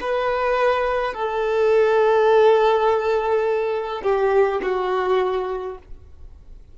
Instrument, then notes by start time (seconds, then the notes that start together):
violin
0.00 B4
1.14 A4
4.03 G4
4.62 F#4